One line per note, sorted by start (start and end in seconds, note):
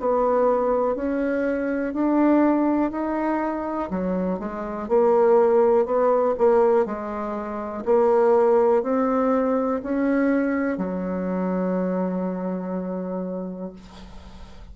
0.00 0.96 B3
0.96 1.94 C#4
1.94 2.92 D4
2.92 3.90 D#4
3.91 4.40 F#3
4.40 4.89 G#3
4.89 5.86 A#3
5.86 6.35 B3
6.38 6.86 A#3
6.86 7.84 G#3
7.86 8.83 A#3
8.83 9.81 C4
9.84 10.78 C#4
10.78 13.73 F#3